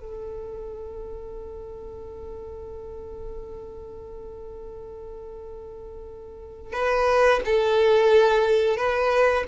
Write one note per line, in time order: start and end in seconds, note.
0.00 6.73 A4
6.73 7.40 B4
7.46 8.77 A4
8.77 9.44 B4